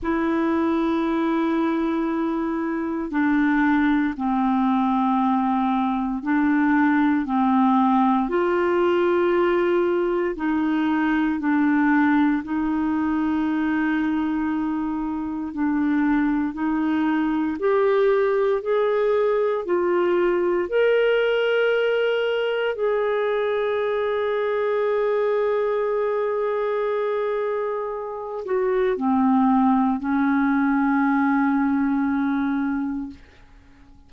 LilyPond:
\new Staff \with { instrumentName = "clarinet" } { \time 4/4 \tempo 4 = 58 e'2. d'4 | c'2 d'4 c'4 | f'2 dis'4 d'4 | dis'2. d'4 |
dis'4 g'4 gis'4 f'4 | ais'2 gis'2~ | gis'2.~ gis'8 fis'8 | c'4 cis'2. | }